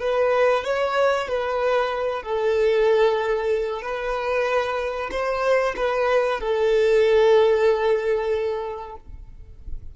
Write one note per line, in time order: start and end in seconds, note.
0.00 0.64 B4
0.64 1.28 C#5
1.28 2.22 B4
2.22 3.82 A4
3.82 5.09 B4
5.11 5.74 C5
5.76 6.40 B4
6.40 8.95 A4